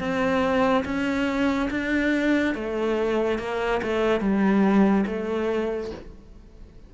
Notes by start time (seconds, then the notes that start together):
0.00 C4
0.85 C#4
1.71 D4
2.55 A3
3.40 A#3
3.83 A3
4.21 G3
5.07 A3